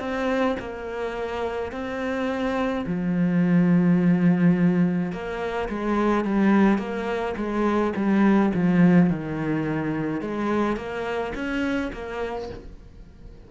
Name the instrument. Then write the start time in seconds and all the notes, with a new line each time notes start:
cello
0.00 C4
0.60 A#3
1.72 C4
2.87 F3
5.13 A#3
5.69 G#3
6.25 G3
6.79 A#3
7.37 G#3
7.96 G3
8.55 F3
9.10 D#3
10.21 G#3
10.77 A#3
11.35 C#4
11.93 A#3